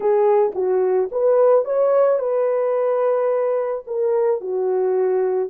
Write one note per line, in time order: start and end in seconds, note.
0.00 0.52 G#4
0.54 1.09 F#4
1.11 1.65 B4
1.65 2.19 C#5
2.19 3.84 B4
3.86 4.40 A#4
4.40 5.49 F#4